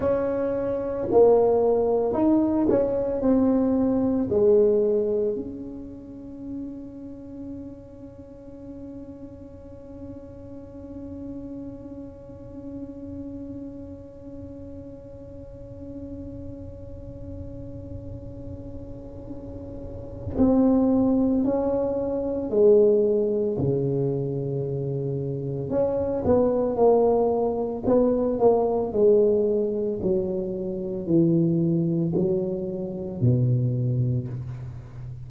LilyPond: \new Staff \with { instrumentName = "tuba" } { \time 4/4 \tempo 4 = 56 cis'4 ais4 dis'8 cis'8 c'4 | gis4 cis'2.~ | cis'1~ | cis'1~ |
cis'2. c'4 | cis'4 gis4 cis2 | cis'8 b8 ais4 b8 ais8 gis4 | fis4 e4 fis4 b,4 | }